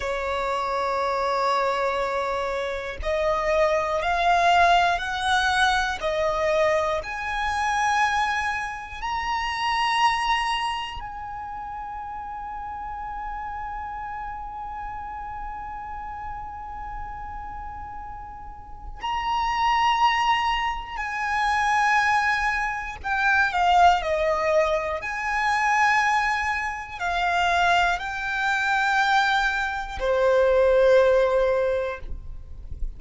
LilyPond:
\new Staff \with { instrumentName = "violin" } { \time 4/4 \tempo 4 = 60 cis''2. dis''4 | f''4 fis''4 dis''4 gis''4~ | gis''4 ais''2 gis''4~ | gis''1~ |
gis''2. ais''4~ | ais''4 gis''2 g''8 f''8 | dis''4 gis''2 f''4 | g''2 c''2 | }